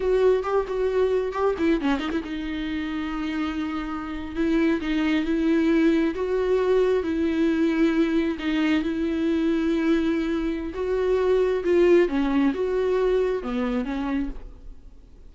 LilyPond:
\new Staff \with { instrumentName = "viola" } { \time 4/4 \tempo 4 = 134 fis'4 g'8 fis'4. g'8 e'8 | cis'8 dis'16 e'16 dis'2.~ | dis'4.~ dis'16 e'4 dis'4 e'16~ | e'4.~ e'16 fis'2 e'16~ |
e'2~ e'8. dis'4 e'16~ | e'1 | fis'2 f'4 cis'4 | fis'2 b4 cis'4 | }